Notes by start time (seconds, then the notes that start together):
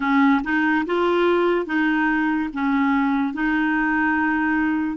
0.00 C#4
0.43 D#4
0.86 F4
1.66 D#4
2.53 C#4
3.33 D#4